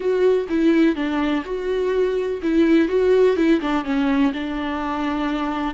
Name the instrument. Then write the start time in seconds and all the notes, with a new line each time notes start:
viola
0.00 F#4
0.49 E4
0.95 D4
1.44 F#4
2.42 E4
2.88 F#4
3.36 E4
3.60 D4
3.84 C#4
4.33 D4